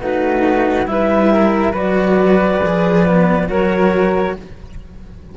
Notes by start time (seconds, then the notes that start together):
0.00 A3 D#4 F#4 B4
0.86 G3 E4 B4 E5
1.33 A#4
1.72 F#3 F#4 B4 D5
2.62 F3 G#4
3.06 B3
3.48 F#3 F#4 A#4 C#5